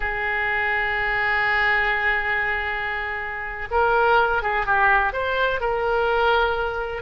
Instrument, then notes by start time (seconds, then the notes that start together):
oboe
0.00 G#4
3.70 A#4
4.42 G#4
4.66 G4
5.13 C5
5.60 A#4